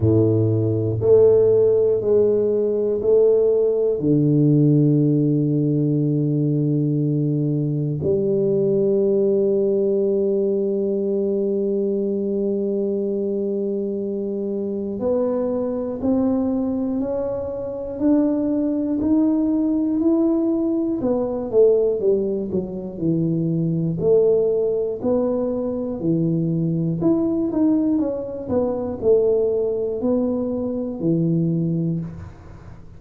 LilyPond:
\new Staff \with { instrumentName = "tuba" } { \time 4/4 \tempo 4 = 60 a,4 a4 gis4 a4 | d1 | g1~ | g2. b4 |
c'4 cis'4 d'4 dis'4 | e'4 b8 a8 g8 fis8 e4 | a4 b4 e4 e'8 dis'8 | cis'8 b8 a4 b4 e4 | }